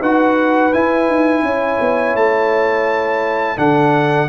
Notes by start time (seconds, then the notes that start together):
0.00 D#4 F#4 B4 F#5
0.73 E4 G#5
1.08 D#4
1.43 C#4 C#5
1.81 B3
2.15 A3 A5
3.57 D3 D4 A4 F#5